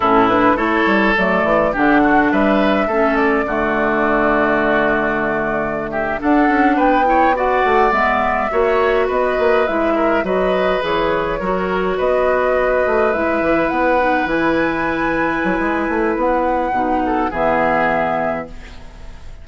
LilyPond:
<<
  \new Staff \with { instrumentName = "flute" } { \time 4/4 \tempo 4 = 104 a'8 b'8 cis''4 d''4 fis''4 | e''4. d''2~ d''8~ | d''2~ d''16 e''8 fis''4 g''16~ | g''8. fis''4 e''2 dis''16~ |
dis''8. e''4 dis''4 cis''4~ cis''16~ | cis''8. dis''2 e''4 fis''16~ | fis''8. gis''2.~ gis''16 | fis''2 e''2 | }
  \new Staff \with { instrumentName = "oboe" } { \time 4/4 e'4 a'2 g'8 fis'8 | b'4 a'4 fis'2~ | fis'2~ fis'16 g'8 a'4 b'16~ | b'16 cis''8 d''2 cis''4 b'16~ |
b'4~ b'16 ais'8 b'2 ais'16~ | ais'8. b'2.~ b'16~ | b'1~ | b'4. a'8 gis'2 | }
  \new Staff \with { instrumentName = "clarinet" } { \time 4/4 cis'8 d'8 e'4 a4 d'4~ | d'4 cis'4 a2~ | a2~ a8. d'4~ d'16~ | d'16 e'8 fis'4 b4 fis'4~ fis'16~ |
fis'8. e'4 fis'4 gis'4 fis'16~ | fis'2~ fis'8. e'4~ e'16~ | e'16 dis'8 e'2.~ e'16~ | e'4 dis'4 b2 | }
  \new Staff \with { instrumentName = "bassoon" } { \time 4/4 a,4 a8 g8 fis8 e8 d4 | g4 a4 d2~ | d2~ d8. d'8 cis'8 b16~ | b4~ b16 a8 gis4 ais4 b16~ |
b16 ais8 gis4 fis4 e4 fis16~ | fis8. b4. a8 gis8 e8 b16~ | b8. e2 fis16 gis8 a8 | b4 b,4 e2 | }
>>